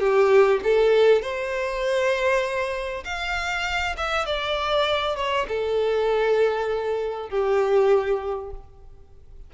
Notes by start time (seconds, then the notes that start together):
0.00 G4
0.64 A4
1.22 C5
3.05 F5
3.97 E5
4.26 D5
5.17 C#5
5.48 A4
7.30 G4